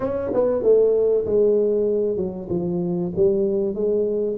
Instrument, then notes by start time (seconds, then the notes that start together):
tuba
0.00 C#4
0.33 B3
0.62 A3
1.25 G#3
2.16 F#3
2.49 F3
3.16 G3
3.74 G#3